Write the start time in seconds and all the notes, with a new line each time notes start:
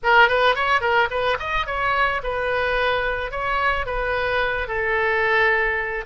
0.03 A#4
0.28 B4
0.55 C#5
0.81 A#4
1.10 B4
1.39 D#5
1.66 C#5
2.23 B4
3.31 C#5
3.86 B4
4.67 A4